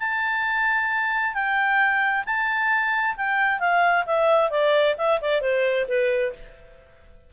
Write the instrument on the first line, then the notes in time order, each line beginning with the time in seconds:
clarinet
0.00 A5
1.35 G5
2.26 A5
3.17 G5
3.60 F5
4.06 E5
4.51 D5
4.98 E5
5.21 D5
5.41 C5
5.88 B4